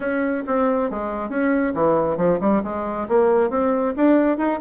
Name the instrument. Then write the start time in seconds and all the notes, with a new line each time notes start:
bassoon
0.00 C#4
0.46 C4
0.90 G#3
1.29 C#4
1.74 E3
2.17 F3
2.40 G3
2.63 G#3
3.08 A#3
3.50 C4
3.96 D4
4.37 D#4